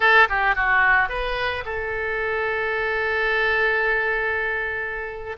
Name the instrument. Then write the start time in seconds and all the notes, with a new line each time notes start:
oboe
0.00 A4
0.29 G4
0.55 F#4
1.09 B4
1.65 A4